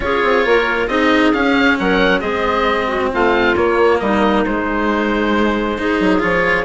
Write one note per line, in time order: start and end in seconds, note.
0.00 0.20 C#4
0.00 0.89 F4
0.00 0.46 G#4
0.00 0.87 C#5
0.23 0.45 C4
0.45 0.87 A#3
0.45 0.89 A#4
0.87 1.32 C4
0.87 1.34 D#4
0.87 1.78 G#4
0.87 1.31 D#5
1.33 2.21 C#4
1.33 1.78 C#4
1.33 1.77 F5
1.79 2.22 F#3
1.79 2.20 A#4
1.79 2.20 F#5
2.20 3.11 G#3
2.20 3.54 C4
2.20 2.86 G#4
2.20 3.09 D#5
2.87 3.09 F#4
3.12 3.56 A3
3.12 4.01 F4
3.12 3.56 F5
3.56 4.00 A#3
3.56 4.45 A#3
3.56 3.98 C#5
3.98 4.45 G3
3.98 5.78 D#4
3.98 4.43 D#5
4.45 5.99 G#3
4.45 5.78 G#3
4.45 6.22 C5
5.78 6.19 D#4
5.78 6.65 G#4
5.99 6.22 F#3
6.19 6.65 F3
6.19 6.63 F4
6.19 6.65 C#5